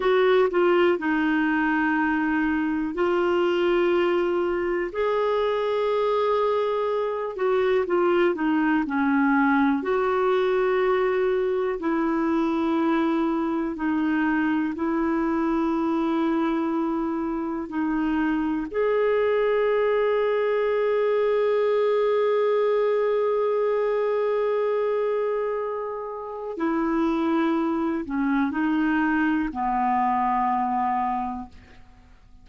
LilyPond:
\new Staff \with { instrumentName = "clarinet" } { \time 4/4 \tempo 4 = 61 fis'8 f'8 dis'2 f'4~ | f'4 gis'2~ gis'8 fis'8 | f'8 dis'8 cis'4 fis'2 | e'2 dis'4 e'4~ |
e'2 dis'4 gis'4~ | gis'1~ | gis'2. e'4~ | e'8 cis'8 dis'4 b2 | }